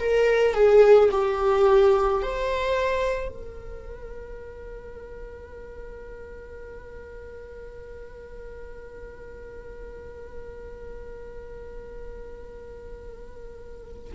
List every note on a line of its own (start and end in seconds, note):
0.00 0.55 A#4
0.55 1.10 G#4
1.12 2.23 G4
2.23 3.29 C5
3.29 14.13 A#4